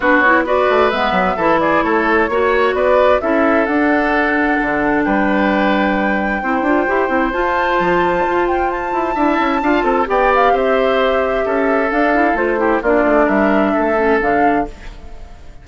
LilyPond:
<<
  \new Staff \with { instrumentName = "flute" } { \time 4/4 \tempo 4 = 131 b'8 cis''8 d''4 e''4. d''8 | cis''2 d''4 e''4 | fis''2. g''4~ | g''1 |
a''2~ a''8 g''8 a''4~ | a''2 g''8 f''8 e''4~ | e''2 f''4 c''4 | d''4 e''2 f''4 | }
  \new Staff \with { instrumentName = "oboe" } { \time 4/4 fis'4 b'2 a'8 gis'8 | a'4 cis''4 b'4 a'4~ | a'2. b'4~ | b'2 c''2~ |
c''1 | e''4 f''8 a'8 d''4 c''4~ | c''4 a'2~ a'8 g'8 | f'4 ais'4 a'2 | }
  \new Staff \with { instrumentName = "clarinet" } { \time 4/4 d'8 e'8 fis'4 b4 e'4~ | e'4 fis'2 e'4 | d'1~ | d'2 e'8 f'8 g'8 e'8 |
f'1 | e'4 f'4 g'2~ | g'2 d'8 e'8 f'8 e'8 | d'2~ d'8 cis'8 d'4 | }
  \new Staff \with { instrumentName = "bassoon" } { \time 4/4 b4. a8 gis8 fis8 e4 | a4 ais4 b4 cis'4 | d'2 d4 g4~ | g2 c'8 d'8 e'8 c'8 |
f'4 f4 f'4. e'8 | d'8 cis'8 d'8 c'8 b4 c'4~ | c'4 cis'4 d'4 a4 | ais8 a8 g4 a4 d4 | }
>>